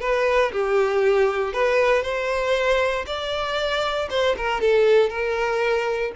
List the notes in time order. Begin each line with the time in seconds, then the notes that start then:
0.00 B4
0.52 G4
1.53 B4
2.02 C5
3.06 D5
4.10 C5
4.37 A#4
4.61 A4
5.09 A#4